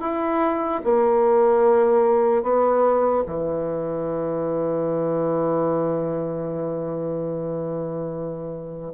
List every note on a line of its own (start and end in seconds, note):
0.00 0.81 E4
0.83 2.42 A#3
2.42 3.23 B3
3.26 8.93 E3